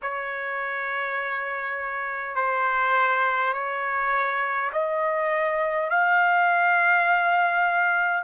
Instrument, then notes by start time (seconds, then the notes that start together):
trumpet
0.02 C#5
2.35 C5
3.53 C#5
4.72 D#5
5.90 F5